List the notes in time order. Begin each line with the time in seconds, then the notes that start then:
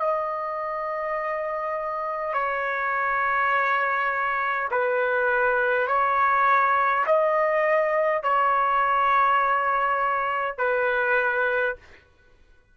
0.00 D#5
2.34 C#5
4.71 B4
5.88 C#5
7.06 D#5
8.24 C#5
10.58 B4